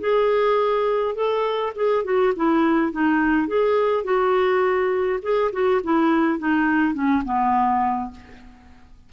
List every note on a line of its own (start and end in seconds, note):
0.00 1.15 G#4
1.15 1.73 A4
1.76 2.05 G#4
2.05 2.33 F#4
2.36 2.92 E4
2.92 3.47 D#4
3.47 4.04 G#4
4.04 5.19 F#4
5.22 5.51 G#4
5.53 5.81 F#4
5.83 6.39 E4
6.39 6.94 D#4
6.94 7.23 C#4
7.25 8.11 B3